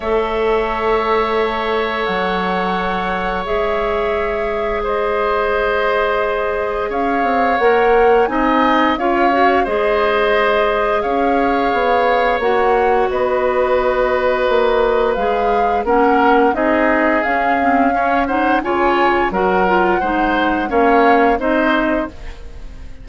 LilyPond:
<<
  \new Staff \with { instrumentName = "flute" } { \time 4/4 \tempo 4 = 87 e''2. fis''4~ | fis''4 e''2 dis''4~ | dis''2 f''4 fis''4 | gis''4 f''4 dis''2 |
f''2 fis''4 dis''4~ | dis''2 f''4 fis''4 | dis''4 f''4. fis''8 gis''4 | fis''2 f''4 dis''4 | }
  \new Staff \with { instrumentName = "oboe" } { \time 4/4 cis''1~ | cis''2. c''4~ | c''2 cis''2 | dis''4 cis''4 c''2 |
cis''2. b'4~ | b'2. ais'4 | gis'2 cis''8 c''8 cis''4 | ais'4 c''4 cis''4 c''4 | }
  \new Staff \with { instrumentName = "clarinet" } { \time 4/4 a'1~ | a'4 gis'2.~ | gis'2. ais'4 | dis'4 f'8 fis'8 gis'2~ |
gis'2 fis'2~ | fis'2 gis'4 cis'4 | dis'4 cis'8 c'8 cis'8 dis'8 f'4 | fis'8 f'8 dis'4 cis'4 dis'4 | }
  \new Staff \with { instrumentName = "bassoon" } { \time 4/4 a2. fis4~ | fis4 gis2.~ | gis2 cis'8 c'8 ais4 | c'4 cis'4 gis2 |
cis'4 b4 ais4 b4~ | b4 ais4 gis4 ais4 | c'4 cis'2 cis4 | fis4 gis4 ais4 c'4 | }
>>